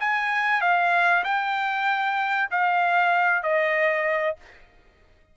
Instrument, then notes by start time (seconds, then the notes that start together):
trumpet
0.00 G#5
0.61 F5
1.24 G5
2.51 F5
3.43 D#5